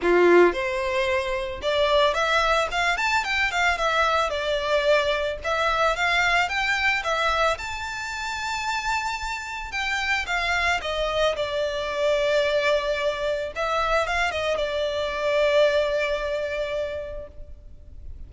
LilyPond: \new Staff \with { instrumentName = "violin" } { \time 4/4 \tempo 4 = 111 f'4 c''2 d''4 | e''4 f''8 a''8 g''8 f''8 e''4 | d''2 e''4 f''4 | g''4 e''4 a''2~ |
a''2 g''4 f''4 | dis''4 d''2.~ | d''4 e''4 f''8 dis''8 d''4~ | d''1 | }